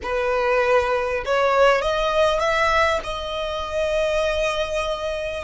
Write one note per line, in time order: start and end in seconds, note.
0.02 1.23 B4
1.25 1.81 C#5
1.81 2.39 D#5
2.39 3.00 E5
3.03 5.44 D#5